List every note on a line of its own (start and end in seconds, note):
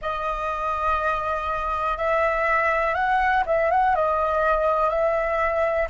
0.01 1.97 D#5
1.97 2.94 E5
2.94 3.43 F#5
3.46 3.70 E5
3.70 3.95 F#5
3.95 4.89 D#5
4.89 5.87 E5